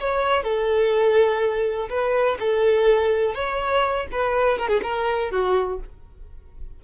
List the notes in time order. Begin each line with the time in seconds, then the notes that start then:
0.00 C#5
0.44 A4
1.89 B4
2.40 A4
3.34 C#5
4.12 B4
4.58 A#4
4.68 G#4
4.83 A#4
5.31 F#4